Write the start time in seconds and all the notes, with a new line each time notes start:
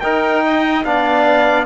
0.00 D#4 A#4 G5
0.44 D#5
0.84 B3 D4 D5 F5